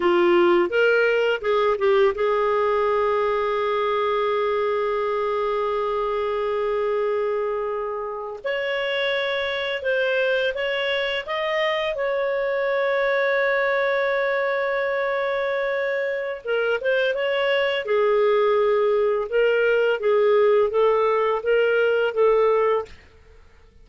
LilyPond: \new Staff \with { instrumentName = "clarinet" } { \time 4/4 \tempo 4 = 84 f'4 ais'4 gis'8 g'8 gis'4~ | gis'1~ | gis'2.~ gis'8. cis''16~ | cis''4.~ cis''16 c''4 cis''4 dis''16~ |
dis''8. cis''2.~ cis''16~ | cis''2. ais'8 c''8 | cis''4 gis'2 ais'4 | gis'4 a'4 ais'4 a'4 | }